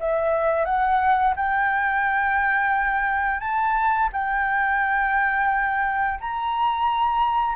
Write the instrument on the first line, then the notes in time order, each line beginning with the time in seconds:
flute
0.00 E5
0.66 F#5
1.36 G5
3.40 A5
4.13 G5
6.20 A#5